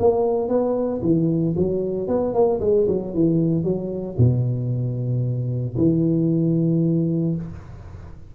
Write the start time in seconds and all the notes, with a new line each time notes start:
0.00 A#3
0.49 B3
1.02 E3
1.57 F#3
2.08 B3
2.34 A#3
2.61 G#3
2.88 F#3
3.14 E3
3.64 F#3
4.18 B2
5.78 E3